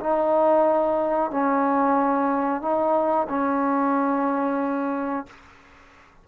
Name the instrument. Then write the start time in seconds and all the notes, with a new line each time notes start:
trombone
0.00 D#4
1.31 C#4
2.61 D#4
3.29 C#4